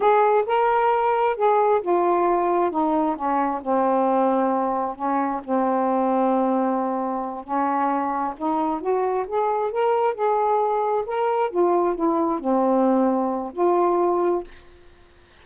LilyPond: \new Staff \with { instrumentName = "saxophone" } { \time 4/4 \tempo 4 = 133 gis'4 ais'2 gis'4 | f'2 dis'4 cis'4 | c'2. cis'4 | c'1~ |
c'8 cis'2 dis'4 fis'8~ | fis'8 gis'4 ais'4 gis'4.~ | gis'8 ais'4 f'4 e'4 c'8~ | c'2 f'2 | }